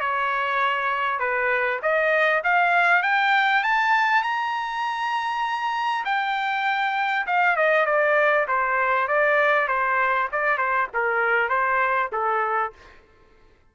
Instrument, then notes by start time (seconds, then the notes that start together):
trumpet
0.00 C#5
1.19 B4
1.82 D#5
2.43 F5
3.02 G5
3.63 A5
4.22 A#5
6.05 G5
7.26 F5
7.56 D#5
7.86 D5
8.47 C5
9.07 D5
9.68 C5
10.31 D5
10.57 C5
10.94 A#4
11.49 C5
12.12 A4